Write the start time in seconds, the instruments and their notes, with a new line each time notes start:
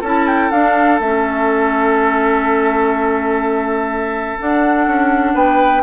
0.00 bassoon C#4, clarinet E4, oboe A4, flute A5
0.27 flute G5
0.51 bassoon D4, clarinet D4, flute F5
0.99 bassoon A3, clarinet C#4, flute E5
4.39 clarinet D4, bassoon D4, flute F#5
4.87 bassoon C#4
5.34 bassoon B3, oboe B4, flute G5